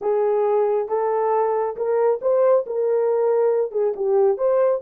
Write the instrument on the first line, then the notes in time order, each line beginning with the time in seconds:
horn
0.01 G#4
0.88 A4
1.76 A#4
2.21 C5
2.66 A#4
3.71 G#4
3.96 G4
4.37 C5